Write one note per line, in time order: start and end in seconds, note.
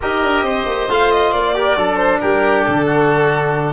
0.01 0.22 D#4
0.01 0.89 G4
0.01 0.45 A#4
0.01 0.90 D#5
0.22 0.42 D4
0.42 0.64 C4
0.42 1.55 C5
0.65 0.87 A#3
0.89 1.32 A3
0.89 1.54 F4
0.89 1.10 F5
1.10 1.31 D#5
1.31 1.76 A#3
1.31 1.96 D5
1.54 1.76 G4
1.54 1.77 A#4
1.76 2.20 F#3
1.76 3.73 D4
1.76 2.20 A4
1.96 2.18 C5
2.20 2.67 G3
2.20 2.85 G4
2.20 2.64 A#4
2.64 3.73 D3
2.64 3.73 A4
2.85 3.73 F#4